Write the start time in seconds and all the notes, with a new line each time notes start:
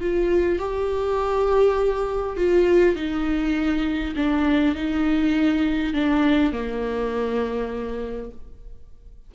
0.00 F4
0.59 G4
2.37 F4
2.95 D#4
4.16 D4
4.75 D#4
5.94 D4
6.52 A#3